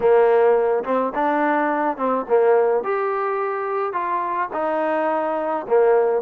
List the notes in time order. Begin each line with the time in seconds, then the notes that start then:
0.00 A#3
0.84 C4
1.14 D4
1.97 C4
2.28 A#3
2.83 G4
3.92 F4
4.53 D#4
5.68 A#3